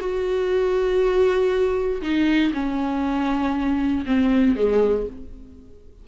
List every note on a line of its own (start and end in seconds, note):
0.00 2.02 F#4
2.02 2.52 D#4
2.54 4.05 C#4
4.06 4.56 C4
4.56 5.06 G#3